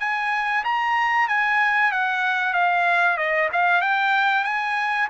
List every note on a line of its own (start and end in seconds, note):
0.00 0.64 G#5
0.64 1.28 A#5
1.28 1.92 G#5
1.92 2.54 F#5
2.54 3.17 F5
3.17 3.49 D#5
3.53 3.82 F5
3.82 4.44 G5
4.44 5.08 G#5